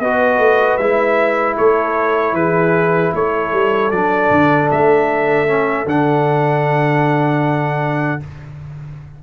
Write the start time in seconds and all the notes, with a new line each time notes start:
0.00 B3 F#4 B4 D#5
0.38 A3
0.77 G#3 E4 E5
1.57 A3 A4 C#5
2.33 E3 G#4 B4
3.14 A3 A4 C#5
3.52 G3
3.91 F#3 D4 D5
4.31 D3
4.71 A3 E5
5.47 C#4
5.86 D3 D4 F#5